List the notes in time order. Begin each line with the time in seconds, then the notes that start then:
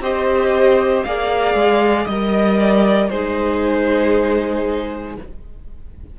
0.00 C4 G4 C5 D#5
1.04 A#3 G#4 D5 F5
1.55 G#3
2.06 G3 A#4 D#5
2.59 D5
3.09 G#3 D#4 G#4 C5